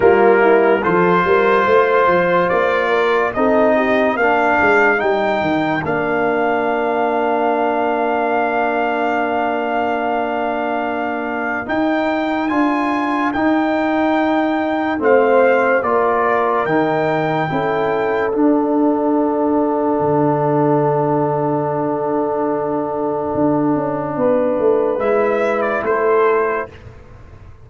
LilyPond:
<<
  \new Staff \with { instrumentName = "trumpet" } { \time 4/4 \tempo 4 = 72 ais'4 c''2 d''4 | dis''4 f''4 g''4 f''4~ | f''1~ | f''2 g''4 gis''4 |
g''2 f''4 d''4 | g''2 fis''2~ | fis''1~ | fis''2 e''8. d''16 c''4 | }
  \new Staff \with { instrumentName = "horn" } { \time 4/4 f'8 e'8 a'8 ais'8 c''4. ais'8 | a'8 g'8 ais'2.~ | ais'1~ | ais'1~ |
ais'2 c''4 ais'4~ | ais'4 a'2.~ | a'1~ | a'4 b'2 a'4 | }
  \new Staff \with { instrumentName = "trombone" } { \time 4/4 ais4 f'2. | dis'4 d'4 dis'4 d'4~ | d'1~ | d'2 dis'4 f'4 |
dis'2 c'4 f'4 | dis'4 e'4 d'2~ | d'1~ | d'2 e'2 | }
  \new Staff \with { instrumentName = "tuba" } { \time 4/4 g4 f8 g8 a8 f8 ais4 | c'4 ais8 gis8 g8 dis8 ais4~ | ais1~ | ais2 dis'4 d'4 |
dis'2 a4 ais4 | dis4 cis'4 d'2 | d1 | d'8 cis'8 b8 a8 gis4 a4 | }
>>